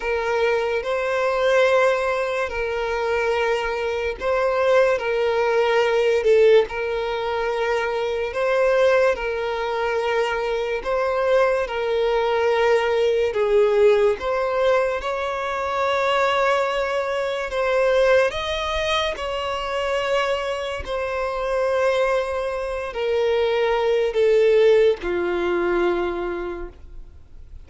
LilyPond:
\new Staff \with { instrumentName = "violin" } { \time 4/4 \tempo 4 = 72 ais'4 c''2 ais'4~ | ais'4 c''4 ais'4. a'8 | ais'2 c''4 ais'4~ | ais'4 c''4 ais'2 |
gis'4 c''4 cis''2~ | cis''4 c''4 dis''4 cis''4~ | cis''4 c''2~ c''8 ais'8~ | ais'4 a'4 f'2 | }